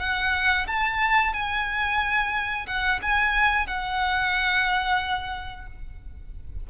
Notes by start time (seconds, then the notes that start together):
0.00 F#5
0.68 A5
1.33 G#5
2.67 F#5
3.03 G#5
3.67 F#5